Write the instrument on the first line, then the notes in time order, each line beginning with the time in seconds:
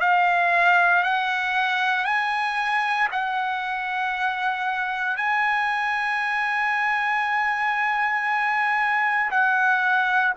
trumpet
0.00 F5
1.03 F#5
2.05 G#5
3.11 F#5
5.17 G#5
9.31 F#5